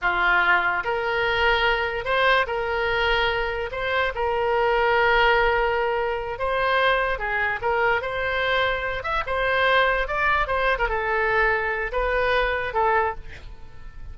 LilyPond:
\new Staff \with { instrumentName = "oboe" } { \time 4/4 \tempo 4 = 146 f'2 ais'2~ | ais'4 c''4 ais'2~ | ais'4 c''4 ais'2~ | ais'2.~ ais'8 c''8~ |
c''4. gis'4 ais'4 c''8~ | c''2 e''8 c''4.~ | c''8 d''4 c''8. ais'16 a'4.~ | a'4 b'2 a'4 | }